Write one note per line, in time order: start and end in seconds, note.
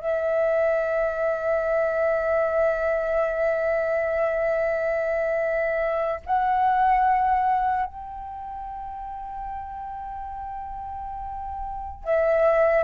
0.00 6.20 E5
6.26 7.85 F#5
7.85 12.04 G5
12.04 12.84 E5